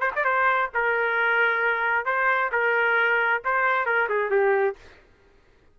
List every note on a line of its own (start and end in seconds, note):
0.00 0.11 C5
0.15 0.24 D5
0.24 0.70 C5
0.74 2.05 A#4
2.05 2.50 C5
2.52 3.42 A#4
3.44 3.86 C5
3.86 4.08 A#4
4.09 4.30 G#4
4.30 4.76 G4